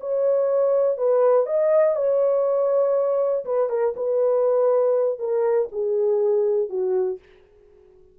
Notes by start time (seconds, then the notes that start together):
0.00 C#5
0.97 B4
1.46 D#5
1.95 C#5
3.45 B4
3.69 A#4
3.96 B4
5.19 A#4
5.72 G#4
6.69 F#4